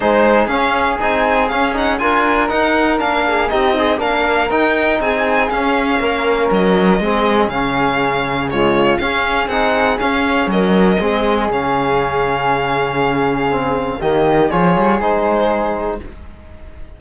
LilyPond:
<<
  \new Staff \with { instrumentName = "violin" } { \time 4/4 \tempo 4 = 120 c''4 f''4 gis''4 f''8 fis''8 | gis''4 fis''4 f''4 dis''4 | f''4 g''4 gis''4 f''4~ | f''4 dis''2 f''4~ |
f''4 cis''4 f''4 fis''4 | f''4 dis''2 f''4~ | f''1 | dis''4 cis''4 c''2 | }
  \new Staff \with { instrumentName = "flute" } { \time 4/4 gis'1 | ais'2~ ais'8 gis'8 g'8 dis'8 | ais'2 gis'2 | ais'2 gis'2~ |
gis'4 f'4 gis'2~ | gis'4 ais'4 gis'2~ | gis'1 | g'4 gis'2. | }
  \new Staff \with { instrumentName = "trombone" } { \time 4/4 dis'4 cis'4 dis'4 cis'8 dis'8 | f'4 dis'4 d'4 dis'8 gis'8 | d'4 dis'2 cis'4~ | cis'2 c'4 cis'4~ |
cis'4 gis4 cis'4 dis'4 | cis'2 c'4 cis'4~ | cis'2. c'4 | ais4 f'4 dis'2 | }
  \new Staff \with { instrumentName = "cello" } { \time 4/4 gis4 cis'4 c'4 cis'4 | d'4 dis'4 ais4 c'4 | ais4 dis'4 c'4 cis'4 | ais4 fis4 gis4 cis4~ |
cis2 cis'4 c'4 | cis'4 fis4 gis4 cis4~ | cis1 | dis4 f8 g8 gis2 | }
>>